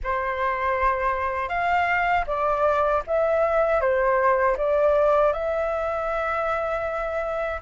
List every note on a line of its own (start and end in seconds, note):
0.03 1.48 C5
1.48 2.24 F5
2.26 3.02 D5
3.07 3.80 E5
3.80 4.56 C5
4.57 5.32 D5
5.32 7.60 E5